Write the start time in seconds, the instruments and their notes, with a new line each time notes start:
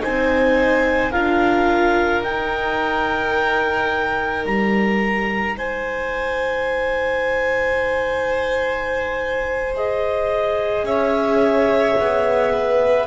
0.00 double bass C4, viola D#4, violin C5, clarinet G#5
1.12 double bass D4, viola F4, violin A#4, clarinet F5
2.23 viola D#4, double bass D#4, clarinet G5
4.46 double bass G3, clarinet A#5
5.56 double bass G#3, violin C5, clarinet G#5
9.75 viola G#4, clarinet D#5
10.83 double bass C#4, violin C#5, clarinet E5
12.00 double bass B3
12.54 violin B4